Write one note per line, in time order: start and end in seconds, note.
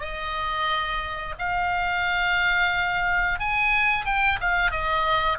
0.00 1.35 D#5
1.38 3.39 F5
3.39 4.05 G#5
4.05 4.39 G5
4.40 4.70 F5
4.70 5.38 D#5